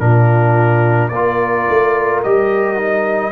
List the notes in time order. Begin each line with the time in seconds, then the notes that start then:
0.00 A#2 D4 F4 A#4
1.09 A#3 A#4 D5
1.16 F4
1.69 A3
2.24 G3 G4 D#5
2.77 D#4